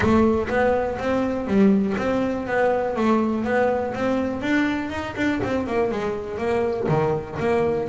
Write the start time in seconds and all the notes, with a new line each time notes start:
0.00 A3
0.48 B3
0.98 C4
1.47 G3
1.97 C4
2.47 B3
2.96 A3
3.44 B3
3.94 C4
4.41 D4
4.90 D#4
5.16 D4
5.43 C4
5.66 A#3
5.91 G#3
6.38 A#3
6.88 D#3
7.39 A#3